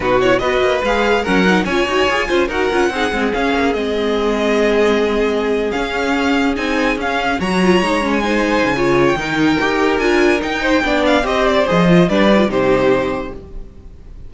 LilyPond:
<<
  \new Staff \with { instrumentName = "violin" } { \time 4/4 \tempo 4 = 144 b'8 cis''8 dis''4 f''4 fis''4 | gis''2 fis''2 | f''4 dis''2.~ | dis''4.~ dis''16 f''2 gis''16~ |
gis''8. f''4 ais''4.~ ais''16 gis''8~ | gis''4.~ gis''16 g''2~ g''16 | gis''4 g''4. f''8 dis''8 d''8 | dis''4 d''4 c''2 | }
  \new Staff \with { instrumentName = "violin" } { \time 4/4 fis'4 b'2 ais'4 | cis''4. c''8 ais'4 gis'4~ | gis'1~ | gis'1~ |
gis'4.~ gis'16 cis''2 c''16~ | c''4 cis''4 ais'2~ | ais'4. c''8 d''4 c''4~ | c''4 b'4 g'2 | }
  \new Staff \with { instrumentName = "viola" } { \time 4/4 dis'8 e'8 fis'4 gis'4 cis'8 dis'8 | f'8 fis'8 gis'8 f'8 fis'8 f'8 dis'8 c'8 | cis'4 c'2.~ | c'4.~ c'16 cis'2 dis'16~ |
dis'8. cis'4 fis'8 f'8 dis'8 cis'8 dis'16~ | dis'4 f'4 dis'4 g'4 | f'4 dis'4 d'4 g'4 | gis'8 f'8 d'8 dis'16 f'16 dis'2 | }
  \new Staff \with { instrumentName = "cello" } { \time 4/4 b,4 b8 ais8 gis4 fis4 | cis'8 dis'8 f'8 cis'8 dis'8 cis'8 c'8 gis8 | cis'8 ais8 gis2.~ | gis4.~ gis16 cis'2 c'16~ |
c'8. cis'4 fis4 gis4~ gis16~ | gis8. cis4~ cis16 dis4 dis'4 | d'4 dis'4 b4 c'4 | f4 g4 c2 | }
>>